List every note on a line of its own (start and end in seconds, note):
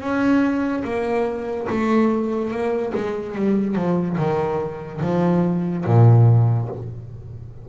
0.00 0.83 C#4
0.84 1.67 A#3
1.69 2.51 A3
2.51 2.92 A#3
2.94 3.35 G#3
3.35 3.75 G3
3.75 4.17 F3
4.17 5.01 D#3
5.01 5.84 F3
5.85 6.68 A#2